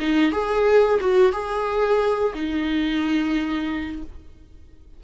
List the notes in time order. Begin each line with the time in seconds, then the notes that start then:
0.00 D#4
0.32 G#4
1.01 F#4
1.33 G#4
2.34 D#4